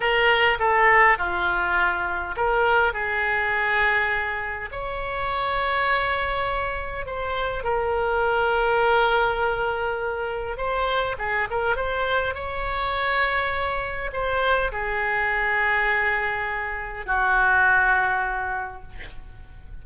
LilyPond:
\new Staff \with { instrumentName = "oboe" } { \time 4/4 \tempo 4 = 102 ais'4 a'4 f'2 | ais'4 gis'2. | cis''1 | c''4 ais'2.~ |
ais'2 c''4 gis'8 ais'8 | c''4 cis''2. | c''4 gis'2.~ | gis'4 fis'2. | }